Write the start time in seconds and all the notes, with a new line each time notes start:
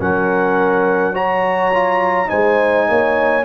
0.00 F#3 C#4 A#4 F#5
1.14 F#4 C#5 A#5
1.74 F4
2.27 G#3 D#4 C5 G#5
2.89 A#3 C#5